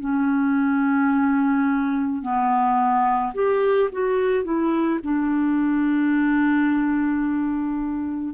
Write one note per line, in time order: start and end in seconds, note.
0.00 2.22 C#4
2.22 3.33 B3
3.34 3.89 G4
3.92 4.44 F#4
4.44 4.99 E4
5.03 8.34 D4